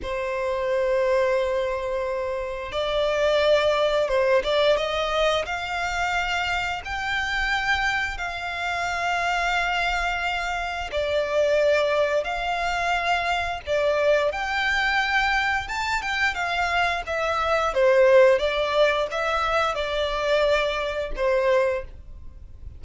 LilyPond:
\new Staff \with { instrumentName = "violin" } { \time 4/4 \tempo 4 = 88 c''1 | d''2 c''8 d''8 dis''4 | f''2 g''2 | f''1 |
d''2 f''2 | d''4 g''2 a''8 g''8 | f''4 e''4 c''4 d''4 | e''4 d''2 c''4 | }